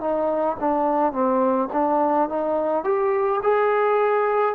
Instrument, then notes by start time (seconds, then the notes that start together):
trombone
0.00 D#4
0.60 D4
1.12 C4
1.72 D4
2.29 D#4
2.84 G4
3.43 G#4